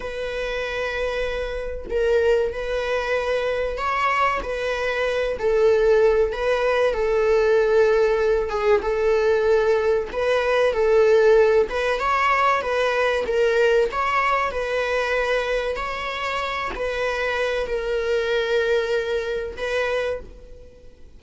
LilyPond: \new Staff \with { instrumentName = "viola" } { \time 4/4 \tempo 4 = 95 b'2. ais'4 | b'2 cis''4 b'4~ | b'8 a'4. b'4 a'4~ | a'4. gis'8 a'2 |
b'4 a'4. b'8 cis''4 | b'4 ais'4 cis''4 b'4~ | b'4 cis''4. b'4. | ais'2. b'4 | }